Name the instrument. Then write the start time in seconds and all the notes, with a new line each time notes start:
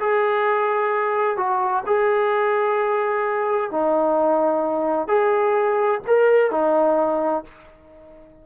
trombone
0.00 G#4
1.37 F#4
1.86 G#4
3.71 D#4
5.08 G#4
6.07 A#4
6.51 D#4